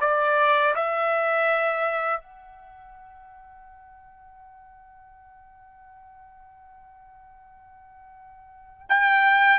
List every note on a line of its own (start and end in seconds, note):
0.00 0.74 D5
0.75 2.20 E5
2.20 8.87 F#5
8.89 9.59 G5